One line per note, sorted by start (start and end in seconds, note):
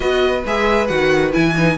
0.00 0.44 B3
0.00 0.43 F#4
0.00 1.76 B4
0.00 0.44 D#5
0.45 0.90 G#3
0.45 0.89 G#4
0.45 0.87 E5
0.87 1.34 D#3
0.87 1.32 F#4
0.87 1.31 F#5
1.32 1.77 E3
1.32 1.54 E4
1.32 1.77 G#5
1.57 1.77 D#4